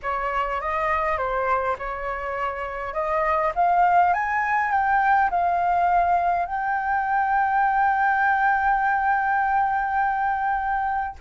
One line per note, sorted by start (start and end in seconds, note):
0.02 0.60 C#5
0.60 1.17 D#5
1.17 1.76 C5
1.78 2.93 C#5
2.93 3.52 D#5
3.55 4.13 F5
4.13 4.71 G#5
4.71 5.30 G5
5.30 6.45 F5
6.45 11.16 G5